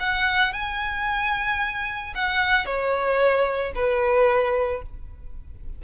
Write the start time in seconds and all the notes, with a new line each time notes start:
0.00 F#5
0.53 G#5
2.16 F#5
2.66 C#5
3.75 B4